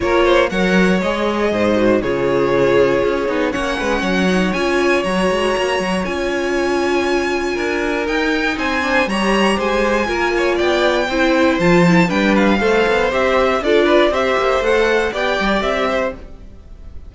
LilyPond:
<<
  \new Staff \with { instrumentName = "violin" } { \time 4/4 \tempo 4 = 119 cis''4 fis''4 dis''2 | cis''2. fis''4~ | fis''4 gis''4 ais''2 | gis''1 |
g''4 gis''4 ais''4 gis''4~ | gis''4 g''2 a''4 | g''8 f''4. e''4 d''4 | e''4 fis''4 g''4 e''4 | }
  \new Staff \with { instrumentName = "violin" } { \time 4/4 ais'8 c''8 cis''2 c''4 | gis'2. cis''8 b'8 | cis''1~ | cis''2. ais'4~ |
ais'4 c''4 cis''4 c''4 | ais'8 cis''8 d''4 c''2 | b'4 c''2 a'8 b'8 | c''2 d''4. c''8 | }
  \new Staff \with { instrumentName = "viola" } { \time 4/4 f'4 ais'4 gis'4. fis'8 | f'2~ f'8 dis'8 cis'4~ | cis'8 dis'8 f'4 fis'2 | f'1 |
dis'4. d'8 g'2 | f'2 e'4 f'8 e'8 | d'4 a'4 g'4 f'4 | g'4 a'4 g'2 | }
  \new Staff \with { instrumentName = "cello" } { \time 4/4 ais4 fis4 gis4 gis,4 | cis2 cis'8 b8 ais8 gis8 | fis4 cis'4 fis8 gis8 ais8 fis8 | cis'2. d'4 |
dis'4 c'4 g4 gis4 | ais4 b4 c'4 f4 | g4 a8 b8 c'4 d'4 | c'8 ais8 a4 b8 g8 c'4 | }
>>